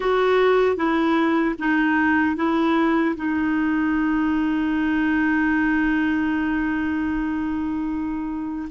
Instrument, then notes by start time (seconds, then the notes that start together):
clarinet
0.00 F#4
0.76 E4
1.58 D#4
2.36 E4
3.16 D#4